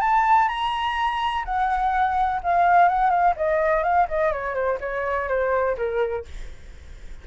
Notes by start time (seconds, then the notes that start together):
0.00 A5
0.48 A#5
1.44 F#5
2.43 F5
2.88 F#5
3.09 F5
3.36 D#5
3.83 F5
4.08 D#5
4.32 C#5
4.54 C5
4.80 C#5
5.28 C5
5.77 A#4